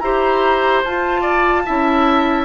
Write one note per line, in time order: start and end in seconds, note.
0.00 0.83 E4
0.00 0.85 G4
0.00 1.21 C5
0.00 0.82 A#5
0.84 1.67 F4
0.84 1.65 F4
0.84 2.45 A5
1.21 1.62 D5
1.65 2.45 C#4
1.65 2.45 E4
1.65 2.45 E5